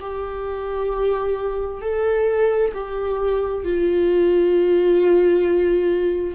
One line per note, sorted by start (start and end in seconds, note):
0.00 1.81 G4
1.81 2.72 A4
2.74 3.64 G4
3.64 6.34 F4